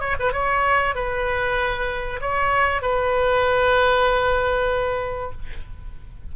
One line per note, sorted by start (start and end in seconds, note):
0.00 0.16 C#5
0.19 0.32 B4
0.32 0.95 C#5
0.95 2.20 B4
2.21 2.82 C#5
2.82 5.32 B4